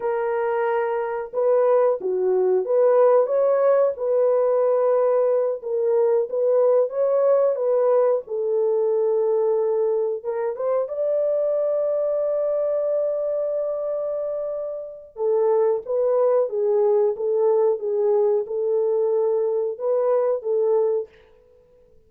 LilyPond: \new Staff \with { instrumentName = "horn" } { \time 4/4 \tempo 4 = 91 ais'2 b'4 fis'4 | b'4 cis''4 b'2~ | b'8 ais'4 b'4 cis''4 b'8~ | b'8 a'2. ais'8 |
c''8 d''2.~ d''8~ | d''2. a'4 | b'4 gis'4 a'4 gis'4 | a'2 b'4 a'4 | }